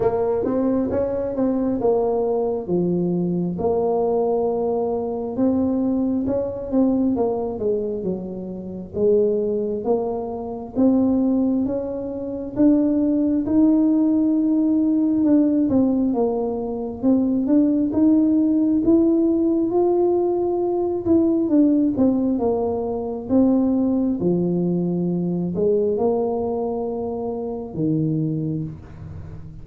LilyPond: \new Staff \with { instrumentName = "tuba" } { \time 4/4 \tempo 4 = 67 ais8 c'8 cis'8 c'8 ais4 f4 | ais2 c'4 cis'8 c'8 | ais8 gis8 fis4 gis4 ais4 | c'4 cis'4 d'4 dis'4~ |
dis'4 d'8 c'8 ais4 c'8 d'8 | dis'4 e'4 f'4. e'8 | d'8 c'8 ais4 c'4 f4~ | f8 gis8 ais2 dis4 | }